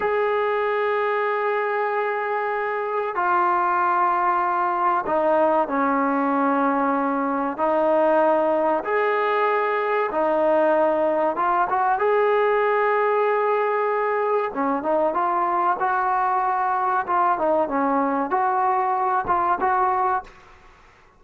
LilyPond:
\new Staff \with { instrumentName = "trombone" } { \time 4/4 \tempo 4 = 95 gis'1~ | gis'4 f'2. | dis'4 cis'2. | dis'2 gis'2 |
dis'2 f'8 fis'8 gis'4~ | gis'2. cis'8 dis'8 | f'4 fis'2 f'8 dis'8 | cis'4 fis'4. f'8 fis'4 | }